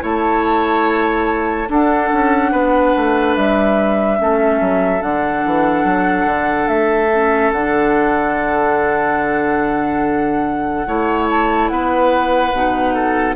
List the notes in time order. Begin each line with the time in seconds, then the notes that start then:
0.00 A3 E4 C#5 A5
1.68 D4 A4 F#5
2.13 C#4
2.51 B3 B4
2.96 A3
3.35 G3 E5
4.18 A3 C#4 A4
4.60 F#3
4.99 D3 D4 F#5
5.45 E3
5.84 F#3
6.25 D3
6.68 A3 E5
7.13 C#4
7.52 D3 D4 F#5
10.86 A3 E4 C#5
11.30 A5
11.68 B3 B4 F#5
12.52 B2 D#4
12.94 A4